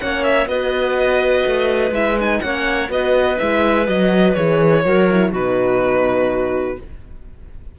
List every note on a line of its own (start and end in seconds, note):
0.00 0.47 A#3
0.00 0.48 C#4
0.00 0.49 C#5
0.00 0.24 F#5
0.24 0.48 E5
0.47 1.43 B3
0.47 1.93 F#4
0.47 2.42 B4
0.47 1.94 D#5
1.47 1.92 A3
1.92 2.40 G#3
1.92 2.17 E4
1.92 2.19 E5
2.20 2.43 D#4
2.20 2.41 G#5
2.41 2.90 A#3
2.41 2.89 C#4
2.41 2.92 C#5
2.41 2.89 F#5
2.89 3.38 B3
2.89 3.37 F#4
2.89 4.86 B4
2.89 3.39 D#5
3.39 3.89 G#3
3.39 3.86 E4
3.39 3.87 E5
3.86 4.37 F#3
3.86 4.35 F#4
3.86 4.35 D#5
4.35 4.85 E3
4.35 4.85 G#4
4.35 5.31 C#5
4.85 5.33 F#3
4.85 5.10 F#4
4.85 5.31 A#4
5.11 5.34 E4
5.31 6.78 B2
5.31 6.79 D#4
5.31 6.76 F#4
5.31 6.80 B4